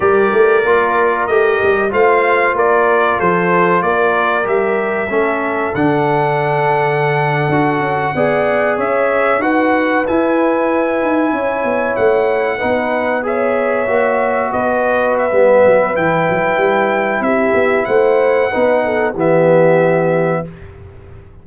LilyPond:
<<
  \new Staff \with { instrumentName = "trumpet" } { \time 4/4 \tempo 4 = 94 d''2 dis''4 f''4 | d''4 c''4 d''4 e''4~ | e''4 fis''2.~ | fis''4.~ fis''16 e''4 fis''4 gis''16~ |
gis''2~ gis''8. fis''4~ fis''16~ | fis''8. e''2 dis''4 e''16~ | e''4 g''2 e''4 | fis''2 e''2 | }
  \new Staff \with { instrumentName = "horn" } { \time 4/4 ais'2. c''4 | ais'4 a'4 ais'2 | a'1~ | a'8. d''4 cis''4 b'4~ b'16~ |
b'4.~ b'16 cis''2 b'16~ | b'8. cis''2 b'4~ b'16~ | b'2. g'4 | c''4 b'8 a'8 g'2 | }
  \new Staff \with { instrumentName = "trombone" } { \time 4/4 g'4 f'4 g'4 f'4~ | f'2. g'4 | cis'4 d'2~ d'8. fis'16~ | fis'8. gis'2 fis'4 e'16~ |
e'2.~ e'8. dis'16~ | dis'8. gis'4 fis'2~ fis'16 | b4 e'2.~ | e'4 dis'4 b2 | }
  \new Staff \with { instrumentName = "tuba" } { \time 4/4 g8 a8 ais4 a8 g8 a4 | ais4 f4 ais4 g4 | a4 d2~ d8. d'16~ | d'16 cis'8 b4 cis'4 dis'4 e'16~ |
e'4~ e'16 dis'8 cis'8 b8 a4 b16~ | b4.~ b16 ais4 b4~ b16 | g8 fis8 e8 fis8 g4 c'8 b8 | a4 b4 e2 | }
>>